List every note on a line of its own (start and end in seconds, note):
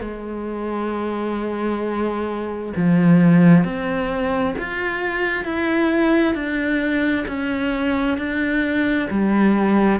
0.00 2.73 G#3
2.76 3.64 F3
3.64 4.55 C4
4.58 5.44 F4
5.44 6.34 E4
6.34 7.25 D4
7.27 8.17 C#4
8.17 9.08 D4
9.10 10.00 G3